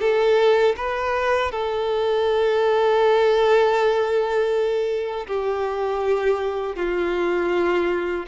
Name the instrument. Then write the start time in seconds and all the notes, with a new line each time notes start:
violin
0.00 A4
0.76 B4
1.51 A4
5.27 G4
6.75 F4